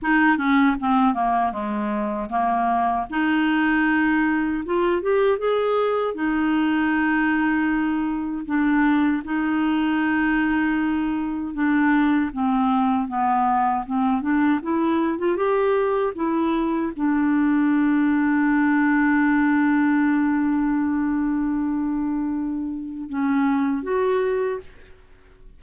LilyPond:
\new Staff \with { instrumentName = "clarinet" } { \time 4/4 \tempo 4 = 78 dis'8 cis'8 c'8 ais8 gis4 ais4 | dis'2 f'8 g'8 gis'4 | dis'2. d'4 | dis'2. d'4 |
c'4 b4 c'8 d'8 e'8. f'16 | g'4 e'4 d'2~ | d'1~ | d'2 cis'4 fis'4 | }